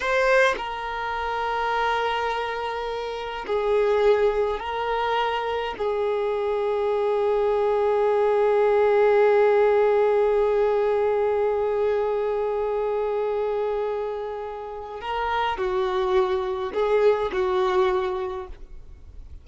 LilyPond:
\new Staff \with { instrumentName = "violin" } { \time 4/4 \tempo 4 = 104 c''4 ais'2.~ | ais'2 gis'2 | ais'2 gis'2~ | gis'1~ |
gis'1~ | gis'1~ | gis'2 ais'4 fis'4~ | fis'4 gis'4 fis'2 | }